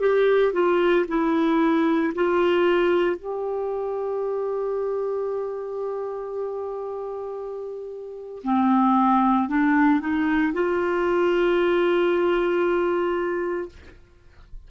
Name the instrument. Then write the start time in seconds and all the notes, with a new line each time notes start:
clarinet
0.00 G4
0.53 F4
1.08 E4
2.15 F4
3.16 G4
8.44 C4
9.48 D4
10.00 D#4
10.53 F4